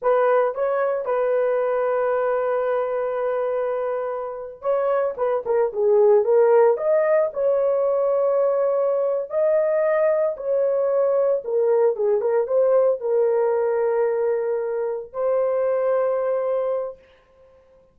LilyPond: \new Staff \with { instrumentName = "horn" } { \time 4/4 \tempo 4 = 113 b'4 cis''4 b'2~ | b'1~ | b'8. cis''4 b'8 ais'8 gis'4 ais'16~ | ais'8. dis''4 cis''2~ cis''16~ |
cis''4. dis''2 cis''8~ | cis''4. ais'4 gis'8 ais'8 c''8~ | c''8 ais'2.~ ais'8~ | ais'8 c''2.~ c''8 | }